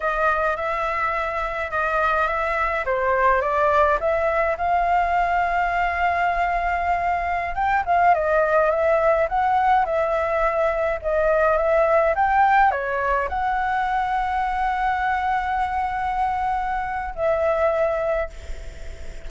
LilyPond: \new Staff \with { instrumentName = "flute" } { \time 4/4 \tempo 4 = 105 dis''4 e''2 dis''4 | e''4 c''4 d''4 e''4 | f''1~ | f''4~ f''16 g''8 f''8 dis''4 e''8.~ |
e''16 fis''4 e''2 dis''8.~ | dis''16 e''4 g''4 cis''4 fis''8.~ | fis''1~ | fis''2 e''2 | }